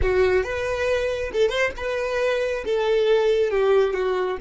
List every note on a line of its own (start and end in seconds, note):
0.02 0.43 F#4
0.43 1.31 B4
1.32 1.49 A4
1.49 1.71 C5
1.77 2.64 B4
2.65 3.50 A4
3.50 3.93 G4
3.93 4.37 F#4